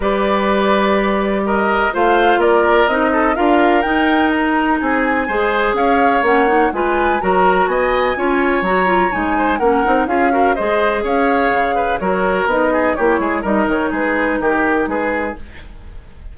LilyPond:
<<
  \new Staff \with { instrumentName = "flute" } { \time 4/4 \tempo 4 = 125 d''2. dis''4 | f''4 d''4 dis''4 f''4 | g''4 ais''4 gis''2 | f''4 fis''4 gis''4 ais''4 |
gis''2 ais''4 gis''4 | fis''4 f''4 dis''4 f''4~ | f''4 cis''4 dis''4 cis''4 | dis''8 cis''8 b'4 ais'4 b'4 | }
  \new Staff \with { instrumentName = "oboe" } { \time 4/4 b'2. ais'4 | c''4 ais'4. a'8 ais'4~ | ais'2 gis'4 c''4 | cis''2 b'4 ais'4 |
dis''4 cis''2~ cis''8 c''8 | ais'4 gis'8 ais'8 c''4 cis''4~ | cis''8 b'8 ais'4. gis'8 g'8 gis'8 | ais'4 gis'4 g'4 gis'4 | }
  \new Staff \with { instrumentName = "clarinet" } { \time 4/4 g'1 | f'2 dis'4 f'4 | dis'2. gis'4~ | gis'4 cis'8 dis'8 f'4 fis'4~ |
fis'4 f'4 fis'8 f'8 dis'4 | cis'8 dis'8 f'8 fis'8 gis'2~ | gis'4 fis'4 dis'4 e'4 | dis'1 | }
  \new Staff \with { instrumentName = "bassoon" } { \time 4/4 g1 | a4 ais4 c'4 d'4 | dis'2 c'4 gis4 | cis'4 ais4 gis4 fis4 |
b4 cis'4 fis4 gis4 | ais8 c'8 cis'4 gis4 cis'4 | cis4 fis4 b4 ais8 gis8 | g8 dis8 gis4 dis4 gis4 | }
>>